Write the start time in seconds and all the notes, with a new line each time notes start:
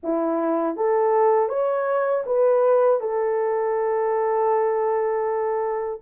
0.03 E4
0.76 A4
1.48 C#5
2.26 B4
3.00 A4